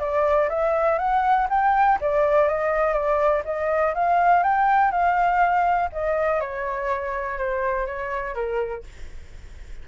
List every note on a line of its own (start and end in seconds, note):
0.00 0.49 D5
0.50 0.99 E5
0.99 1.48 F#5
1.50 1.99 G5
2.01 2.48 D5
2.48 2.94 D#5
2.94 3.43 D5
3.45 3.95 D#5
3.95 4.44 F5
4.44 4.92 G5
4.92 5.90 F5
5.93 6.41 D#5
6.41 7.38 C#5
7.38 7.87 C5
7.87 8.35 C#5
8.35 8.84 A#4